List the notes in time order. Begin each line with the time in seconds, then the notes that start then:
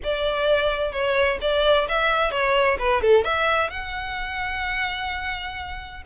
0.03 D5
0.92 C#5
1.41 D5
1.88 E5
2.31 C#5
2.78 B4
3.01 A4
3.24 E5
3.70 F#5